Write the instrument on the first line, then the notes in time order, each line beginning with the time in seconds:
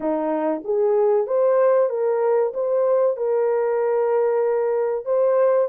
horn
0.00 D#4
0.64 G#4
1.26 C5
1.89 A#4
2.53 C5
3.17 A#4
5.05 C5